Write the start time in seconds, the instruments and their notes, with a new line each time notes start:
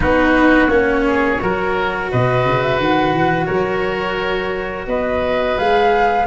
0.00 tuba B3, cello D#4, oboe F#4, flute B4
0.68 tuba A#3, cello C#4, flute C#5
1.07 oboe G#4
1.41 tuba F#3, cello F#4, oboe A#4
2.11 tuba B2, oboe B4, flute D#5
2.45 tuba C#3
2.61 flute E5
2.79 tuba D#3, flute F#5
3.13 tuba E3
3.45 tuba F#3, oboe A#4, flute C#5
4.86 tuba B3, oboe B4, flute D#5
5.58 tuba G#3, cello G#4, flute F5